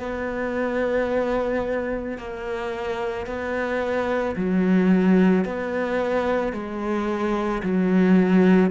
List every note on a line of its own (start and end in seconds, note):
0.00 2.18 B3
2.18 3.26 A#3
3.26 4.35 B3
4.36 5.45 F#3
5.45 6.53 B3
6.53 7.62 G#3
7.63 8.71 F#3